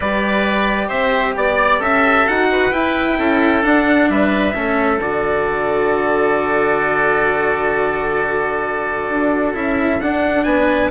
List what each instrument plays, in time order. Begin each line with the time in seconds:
0.00 bassoon G3, cello G4, oboe B4, trumpet D5
0.88 bassoon C4, oboe C5, trumpet E5
1.36 bassoon B3, trumpet D5, oboe D5
1.78 bassoon C#4, oboe A4, trumpet E5
2.26 bassoon D#4, cello F#4, trumpet F#5
2.51 oboe B4
2.71 bassoon E4, cello E4, trumpet G5
3.18 bassoon C#4, oboe A4
3.61 cello D4, bassoon D4, trumpet F#5
4.09 bassoon G3, oboe B4, trumpet E5
4.54 bassoon A3, cello C#4, oboe A4
4.99 bassoon D3, cello F#4, trumpet D5
9.09 bassoon D4
9.54 bassoon C#4, cello E4, trumpet E5
10.00 bassoon D4, cello D4, trumpet F#5
10.44 bassoon B3, oboe B4, trumpet G#5